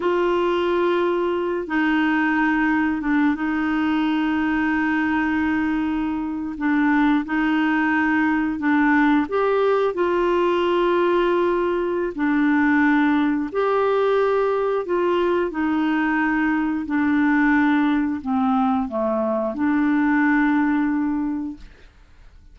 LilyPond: \new Staff \with { instrumentName = "clarinet" } { \time 4/4 \tempo 4 = 89 f'2~ f'8 dis'4.~ | dis'8 d'8 dis'2.~ | dis'4.~ dis'16 d'4 dis'4~ dis'16~ | dis'8. d'4 g'4 f'4~ f'16~ |
f'2 d'2 | g'2 f'4 dis'4~ | dis'4 d'2 c'4 | a4 d'2. | }